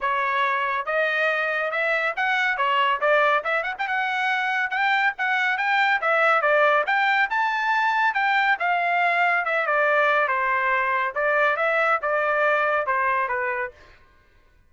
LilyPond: \new Staff \with { instrumentName = "trumpet" } { \time 4/4 \tempo 4 = 140 cis''2 dis''2 | e''4 fis''4 cis''4 d''4 | e''8 fis''16 g''16 fis''2 g''4 | fis''4 g''4 e''4 d''4 |
g''4 a''2 g''4 | f''2 e''8 d''4. | c''2 d''4 e''4 | d''2 c''4 b'4 | }